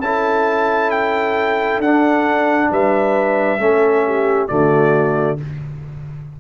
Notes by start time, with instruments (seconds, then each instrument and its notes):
0.00 tuba C#4, trombone E4, horn A4, trumpet A5
0.91 trumpet G5
1.79 tuba D4, trombone D4, trumpet F#5
2.71 tuba G3, horn B4, trumpet E5
3.58 tuba A3, trombone C#4, horn A4
4.06 horn G4
4.48 tuba D3, trombone A3, horn F#4, trumpet D5